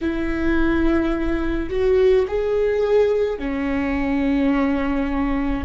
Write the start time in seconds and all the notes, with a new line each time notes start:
0.01 E4
1.69 F#4
2.27 G#4
3.38 C#4